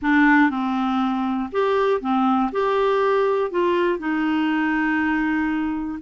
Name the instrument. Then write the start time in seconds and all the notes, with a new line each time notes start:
clarinet
0.01 D4
0.50 C4
1.52 G4
2.00 C4
2.52 G4
3.50 F4
3.98 D#4